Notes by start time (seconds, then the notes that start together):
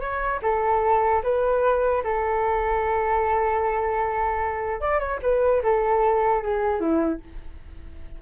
0.00 C#5
0.42 A4
1.23 B4
2.03 A4
4.80 D5
4.99 C#5
5.22 B4
5.63 A4
6.42 G#4
6.80 E4